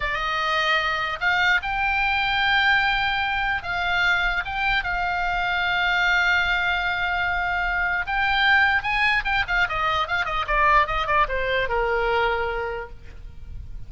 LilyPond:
\new Staff \with { instrumentName = "oboe" } { \time 4/4 \tempo 4 = 149 dis''2. f''4 | g''1~ | g''4 f''2 g''4 | f''1~ |
f''1 | g''2 gis''4 g''8 f''8 | dis''4 f''8 dis''8 d''4 dis''8 d''8 | c''4 ais'2. | }